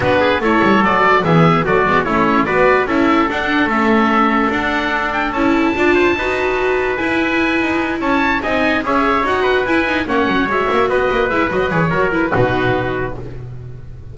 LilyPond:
<<
  \new Staff \with { instrumentName = "oboe" } { \time 4/4 \tempo 4 = 146 b'4 cis''4 d''4 e''4 | d''4 cis''4 d''4 e''4 | fis''4 e''2 fis''4~ | fis''8 g''8 a''2.~ |
a''4 gis''2~ gis''8 a''8~ | a''8 gis''4 e''4 fis''4 gis''8~ | gis''8 fis''4 e''4 dis''4 e''8 | dis''8 cis''4 b'2~ b'8 | }
  \new Staff \with { instrumentName = "trumpet" } { \time 4/4 fis'8 gis'8 a'2 gis'4 | fis'4 e'4 b'4 a'4~ | a'1~ | a'2 d''8 c''8 b'4~ |
b'2.~ b'8 cis''8~ | cis''8 dis''4 cis''4. b'4~ | b'8 cis''2 b'4.~ | b'4 ais'4 fis'2 | }
  \new Staff \with { instrumentName = "viola" } { \time 4/4 d'4 e'4 fis'4 b4 | a8 b8 cis'4 fis'4 e'4 | d'4 cis'2 d'4~ | d'4 e'4 f'4 fis'4~ |
fis'4 e'2.~ | e'8 dis'4 gis'4 fis'4 e'8 | dis'8 cis'4 fis'2 e'8 | fis'8 gis'8 fis'8 e'8 dis'2 | }
  \new Staff \with { instrumentName = "double bass" } { \time 4/4 b4 a8 g8 fis4 e4 | fis8 gis8 a4 b4 cis'4 | d'4 a2 d'4~ | d'4 cis'4 d'4 dis'4~ |
dis'4 e'4. dis'4 cis'8~ | cis'8 c'4 cis'4 dis'4 e'8~ | e'8 ais8 fis8 gis8 ais8 b8 ais8 gis8 | fis8 e8 fis4 b,2 | }
>>